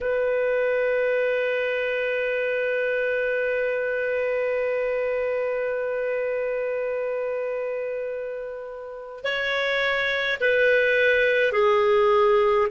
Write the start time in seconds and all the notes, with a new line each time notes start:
0.01 B4
9.24 C#5
10.40 B4
11.52 G#4